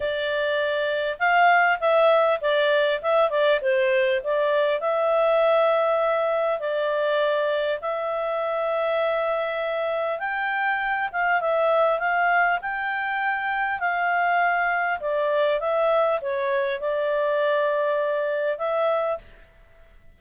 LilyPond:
\new Staff \with { instrumentName = "clarinet" } { \time 4/4 \tempo 4 = 100 d''2 f''4 e''4 | d''4 e''8 d''8 c''4 d''4 | e''2. d''4~ | d''4 e''2.~ |
e''4 g''4. f''8 e''4 | f''4 g''2 f''4~ | f''4 d''4 e''4 cis''4 | d''2. e''4 | }